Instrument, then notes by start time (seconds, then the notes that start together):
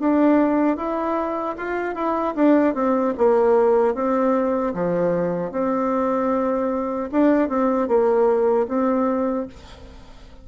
bassoon
0.00 D4
0.77 E4
1.58 F4
1.95 E4
2.35 D4
2.75 C4
3.18 A#3
3.95 C4
4.74 F3
5.52 C4
7.12 D4
7.49 C4
7.88 A#3
8.68 C4